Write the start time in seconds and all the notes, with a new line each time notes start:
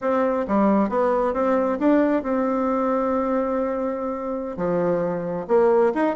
0.01 C4
0.47 G3
0.89 B3
1.33 C4
1.79 D4
2.23 C4
4.57 F3
5.47 A#3
5.94 D#4